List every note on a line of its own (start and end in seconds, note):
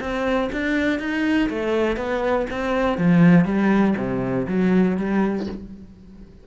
0.00 0.50 C4
0.52 1.00 D4
1.00 1.49 D#4
1.49 1.97 A3
1.97 2.46 B3
2.50 2.98 C4
2.98 3.45 F3
3.45 3.94 G3
3.97 4.47 C3
4.48 4.97 F#3
4.97 5.47 G3